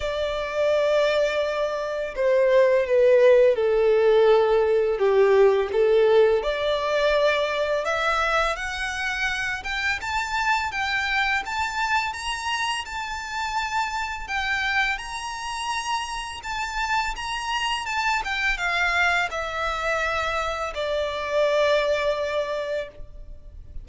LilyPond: \new Staff \with { instrumentName = "violin" } { \time 4/4 \tempo 4 = 84 d''2. c''4 | b'4 a'2 g'4 | a'4 d''2 e''4 | fis''4. g''8 a''4 g''4 |
a''4 ais''4 a''2 | g''4 ais''2 a''4 | ais''4 a''8 g''8 f''4 e''4~ | e''4 d''2. | }